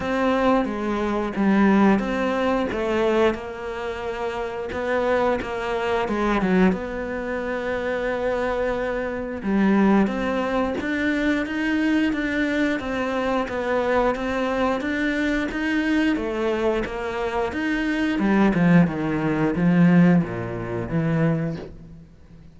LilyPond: \new Staff \with { instrumentName = "cello" } { \time 4/4 \tempo 4 = 89 c'4 gis4 g4 c'4 | a4 ais2 b4 | ais4 gis8 fis8 b2~ | b2 g4 c'4 |
d'4 dis'4 d'4 c'4 | b4 c'4 d'4 dis'4 | a4 ais4 dis'4 g8 f8 | dis4 f4 ais,4 e4 | }